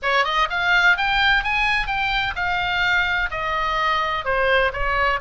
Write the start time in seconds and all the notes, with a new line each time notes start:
0.02 C#5
0.24 D#5
0.50 F5
0.97 G5
1.43 G#5
1.86 G5
2.35 F5
3.30 D#5
4.25 C5
4.72 C#5